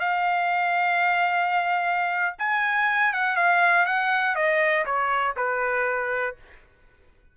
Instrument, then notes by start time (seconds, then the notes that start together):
trumpet
0.00 F5
2.39 G#5
3.13 F#5
3.37 F5
3.86 F#5
4.35 D#5
4.85 C#5
5.37 B4